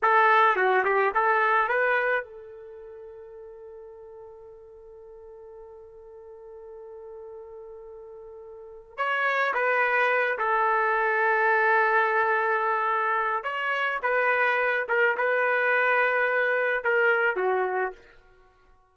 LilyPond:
\new Staff \with { instrumentName = "trumpet" } { \time 4/4 \tempo 4 = 107 a'4 fis'8 g'8 a'4 b'4 | a'1~ | a'1~ | a'1 |
cis''4 b'4. a'4.~ | a'1 | cis''4 b'4. ais'8 b'4~ | b'2 ais'4 fis'4 | }